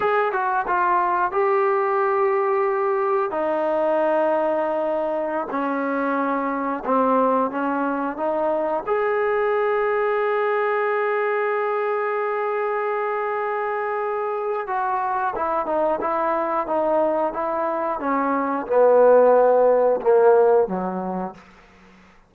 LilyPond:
\new Staff \with { instrumentName = "trombone" } { \time 4/4 \tempo 4 = 90 gis'8 fis'8 f'4 g'2~ | g'4 dis'2.~ | dis'16 cis'2 c'4 cis'8.~ | cis'16 dis'4 gis'2~ gis'8.~ |
gis'1~ | gis'2 fis'4 e'8 dis'8 | e'4 dis'4 e'4 cis'4 | b2 ais4 fis4 | }